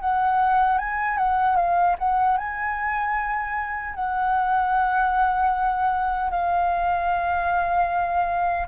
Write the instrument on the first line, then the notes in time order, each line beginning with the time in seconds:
flute
0.00 F#5
0.79 G#5
1.18 F#5
1.56 F5
1.99 F#5
2.38 G#5
3.94 F#5
6.31 F5